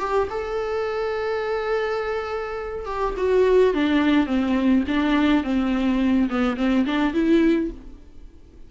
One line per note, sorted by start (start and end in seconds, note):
0.00 0.29 G4
0.30 2.86 A4
2.86 3.15 G4
3.18 3.75 F#4
3.75 4.27 D4
4.27 4.84 C4
4.88 5.44 D4
5.44 6.30 C4
6.30 6.57 B3
6.57 6.86 C4
6.86 7.14 D4
7.14 7.71 E4